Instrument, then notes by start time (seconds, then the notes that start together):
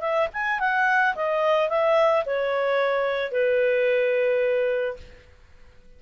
clarinet
0.00 E5
0.33 G#5
0.59 F#5
1.15 D#5
1.69 E5
2.25 C#5
3.31 B4